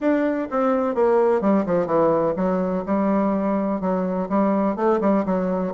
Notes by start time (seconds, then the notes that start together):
0.00 D4
0.50 C4
0.94 A#3
1.41 G3
1.66 F3
1.86 E3
2.36 F#3
2.86 G3
3.80 F#3
4.29 G3
4.76 A3
5.00 G3
5.25 F#3